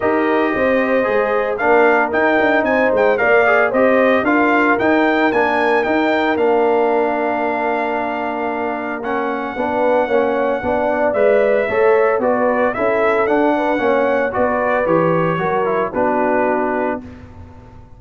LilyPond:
<<
  \new Staff \with { instrumentName = "trumpet" } { \time 4/4 \tempo 4 = 113 dis''2. f''4 | g''4 gis''8 g''8 f''4 dis''4 | f''4 g''4 gis''4 g''4 | f''1~ |
f''4 fis''2.~ | fis''4 e''2 d''4 | e''4 fis''2 d''4 | cis''2 b'2 | }
  \new Staff \with { instrumentName = "horn" } { \time 4/4 ais'4 c''2 ais'4~ | ais'4 c''4 d''4 c''4 | ais'1~ | ais'1~ |
ais'2 b'4 cis''4 | d''2 cis''4 b'4 | a'4. b'8 cis''4 b'4~ | b'4 ais'4 fis'2 | }
  \new Staff \with { instrumentName = "trombone" } { \time 4/4 g'2 gis'4 d'4 | dis'2 ais'8 gis'8 g'4 | f'4 dis'4 d'4 dis'4 | d'1~ |
d'4 cis'4 d'4 cis'4 | d'4 b'4 a'4 fis'4 | e'4 d'4 cis'4 fis'4 | g'4 fis'8 e'8 d'2 | }
  \new Staff \with { instrumentName = "tuba" } { \time 4/4 dis'4 c'4 gis4 ais4 | dis'8 d'8 c'8 gis8 ais4 c'4 | d'4 dis'4 ais4 dis'4 | ais1~ |
ais2 b4 ais4 | b4 gis4 a4 b4 | cis'4 d'4 ais4 b4 | e4 fis4 b2 | }
>>